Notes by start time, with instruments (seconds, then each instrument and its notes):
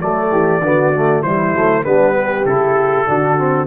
0.00 tuba F#3, trombone A3, horn A4, trumpet D5
0.31 tuba E3, horn G4
0.61 tuba D3, trombone B3, horn F#4
0.94 trombone A3
1.21 tuba E3, trombone G3, horn E4, trumpet C5
1.53 tuba F#3, trombone A3
1.84 tuba G3, trombone B3, horn D4, trumpet B4
2.17 horn G4
2.44 tuba C#3, trombone E4, trumpet A4
3.07 tuba D3, trombone D4, horn F#4
3.37 trombone C4